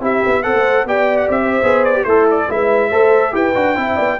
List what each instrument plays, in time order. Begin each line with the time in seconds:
0.00 tuba C4, trombone E4, horn G4, trumpet E5
0.25 tuba B3
0.42 tuba C4, trombone A4, horn C5, trumpet F#5
0.53 tuba A3
0.85 tuba B3, trombone G4, horn D5, trumpet G5
1.17 trumpet F#5
1.29 tuba C4, trumpet E5
1.42 horn C5
1.62 tuba B3, trombone G#4
1.84 trumpet D5
1.94 trombone G4
2.04 tuba A3, horn E4, trombone A4, trumpet C5
2.30 trumpet D5
2.48 tuba G#3, trombone E4, horn B4, trumpet E5
2.89 tuba A3, trombone A4, horn C5
3.31 tuba E4, trombone G4, horn B4, trumpet G5
3.54 tuba D4, trombone F#4
3.76 tuba C4, trombone E4, horn E5
3.96 tuba B3, horn D5